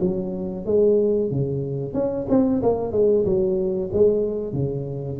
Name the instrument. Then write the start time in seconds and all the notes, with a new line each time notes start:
tuba
0.00 F#3
0.66 G#3
1.31 C#3
1.93 C#4
2.29 C4
2.62 A#3
2.92 G#3
3.25 F#3
3.92 G#3
4.53 C#3